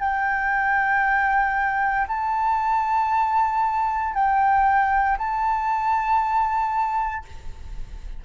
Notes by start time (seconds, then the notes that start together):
0.00 G5
2.08 A5
4.15 G5
5.18 A5